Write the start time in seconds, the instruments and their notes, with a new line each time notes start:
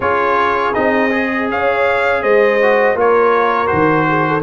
0.00 tuba C#4, trombone F4, horn G#4, trumpet C#5
0.73 tuba C4, trombone D#4, trumpet D#5
1.10 trombone G#4
1.50 tuba C#4, horn C#5, trumpet F5
2.22 tuba G#3, horn C5, trumpet D#5
2.61 trombone F#4
2.94 tuba A#3, trombone F4, horn A#4, trumpet C#5
3.67 tuba D#3, trombone F#4, trumpet C5
4.08 horn G#4
4.27 horn A4